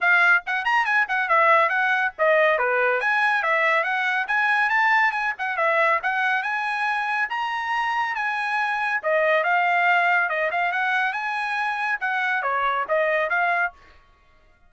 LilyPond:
\new Staff \with { instrumentName = "trumpet" } { \time 4/4 \tempo 4 = 140 f''4 fis''8 ais''8 gis''8 fis''8 e''4 | fis''4 dis''4 b'4 gis''4 | e''4 fis''4 gis''4 a''4 | gis''8 fis''8 e''4 fis''4 gis''4~ |
gis''4 ais''2 gis''4~ | gis''4 dis''4 f''2 | dis''8 f''8 fis''4 gis''2 | fis''4 cis''4 dis''4 f''4 | }